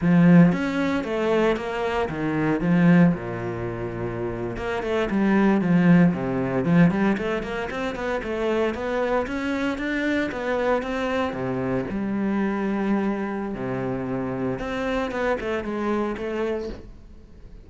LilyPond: \new Staff \with { instrumentName = "cello" } { \time 4/4 \tempo 4 = 115 f4 cis'4 a4 ais4 | dis4 f4 ais,2~ | ais,8. ais8 a8 g4 f4 c16~ | c8. f8 g8 a8 ais8 c'8 b8 a16~ |
a8. b4 cis'4 d'4 b16~ | b8. c'4 c4 g4~ g16~ | g2 c2 | c'4 b8 a8 gis4 a4 | }